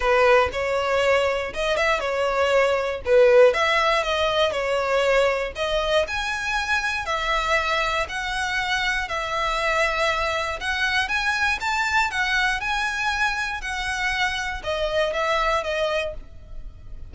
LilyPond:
\new Staff \with { instrumentName = "violin" } { \time 4/4 \tempo 4 = 119 b'4 cis''2 dis''8 e''8 | cis''2 b'4 e''4 | dis''4 cis''2 dis''4 | gis''2 e''2 |
fis''2 e''2~ | e''4 fis''4 gis''4 a''4 | fis''4 gis''2 fis''4~ | fis''4 dis''4 e''4 dis''4 | }